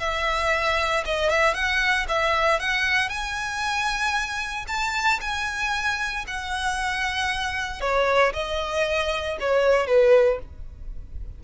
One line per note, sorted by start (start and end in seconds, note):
0.00 1.04 E5
1.06 1.30 D#5
1.30 1.54 E5
1.54 2.06 F#5
2.09 2.60 E5
2.60 3.09 F#5
3.09 4.66 G#5
4.68 5.20 A5
5.21 6.25 G#5
6.28 7.81 F#5
7.81 8.33 C#5
8.34 9.38 D#5
9.40 9.87 C#5
9.87 10.39 B4